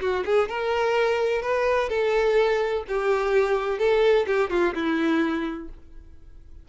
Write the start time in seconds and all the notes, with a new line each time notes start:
0.00 F#4
0.25 G#4
0.48 A#4
1.42 B4
1.89 A4
2.88 G4
3.78 A4
4.26 G4
4.50 F4
4.74 E4